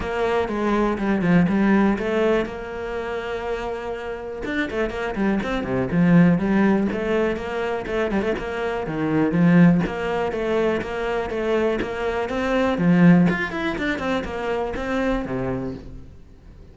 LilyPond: \new Staff \with { instrumentName = "cello" } { \time 4/4 \tempo 4 = 122 ais4 gis4 g8 f8 g4 | a4 ais2.~ | ais4 d'8 a8 ais8 g8 c'8 c8 | f4 g4 a4 ais4 |
a8 g16 a16 ais4 dis4 f4 | ais4 a4 ais4 a4 | ais4 c'4 f4 f'8 e'8 | d'8 c'8 ais4 c'4 c4 | }